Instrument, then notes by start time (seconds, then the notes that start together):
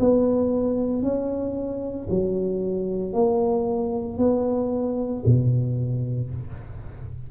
tuba
0.00 B3
1.02 C#4
2.10 F#3
3.13 A#3
4.18 B3
5.25 B2